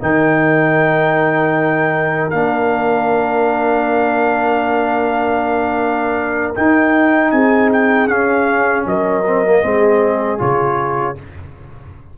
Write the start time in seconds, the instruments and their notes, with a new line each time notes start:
0.00 tuba D#3, trombone D#4, horn A#4, trumpet G5
2.30 tuba A#3, trombone D4, trumpet F5
6.55 trombone D#4, tuba D#4, trumpet G5
7.30 tuba C4, horn G#4, trumpet G#5
7.72 trumpet G5
8.07 tuba C#4, trombone C#4, trumpet F5
8.85 tuba F#3, horn A#4, trumpet D#5
9.26 trombone C4
9.45 trombone A#3
9.62 tuba G#3, trombone C4, horn G#4
10.38 tuba C#3, trombone F4, trumpet C#5